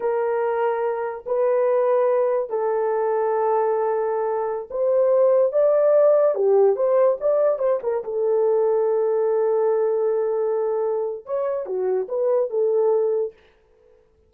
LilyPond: \new Staff \with { instrumentName = "horn" } { \time 4/4 \tempo 4 = 144 ais'2. b'4~ | b'2 a'2~ | a'2.~ a'16 c''8.~ | c''4~ c''16 d''2 g'8.~ |
g'16 c''4 d''4 c''8 ais'8 a'8.~ | a'1~ | a'2. cis''4 | fis'4 b'4 a'2 | }